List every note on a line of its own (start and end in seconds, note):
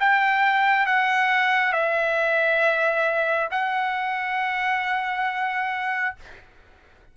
0.00 0.87 G5
0.87 1.73 F#5
1.73 3.49 E5
3.51 6.16 F#5